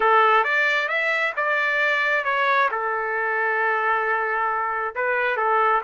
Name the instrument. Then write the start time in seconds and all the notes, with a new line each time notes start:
trumpet
0.00 A4
0.44 D5
0.88 E5
1.36 D5
2.24 C#5
2.71 A4
4.95 B4
5.36 A4